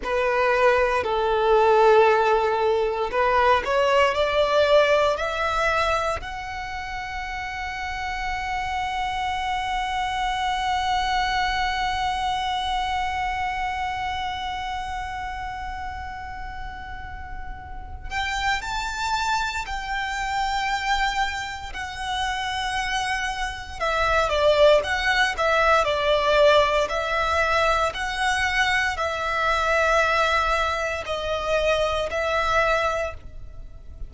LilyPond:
\new Staff \with { instrumentName = "violin" } { \time 4/4 \tempo 4 = 58 b'4 a'2 b'8 cis''8 | d''4 e''4 fis''2~ | fis''1~ | fis''1~ |
fis''4. g''8 a''4 g''4~ | g''4 fis''2 e''8 d''8 | fis''8 e''8 d''4 e''4 fis''4 | e''2 dis''4 e''4 | }